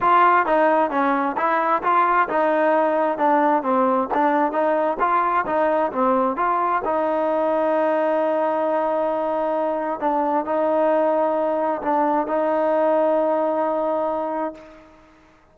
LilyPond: \new Staff \with { instrumentName = "trombone" } { \time 4/4 \tempo 4 = 132 f'4 dis'4 cis'4 e'4 | f'4 dis'2 d'4 | c'4 d'4 dis'4 f'4 | dis'4 c'4 f'4 dis'4~ |
dis'1~ | dis'2 d'4 dis'4~ | dis'2 d'4 dis'4~ | dis'1 | }